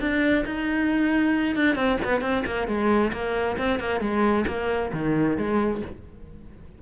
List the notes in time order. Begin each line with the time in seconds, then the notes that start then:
0.00 D4
0.45 D#4
1.56 D4
1.75 C4
2.04 B3
2.21 C4
2.46 A#3
2.67 G#3
3.13 A#3
3.58 C4
3.80 A#3
4.01 G#3
4.47 A#3
4.93 D#3
5.37 G#3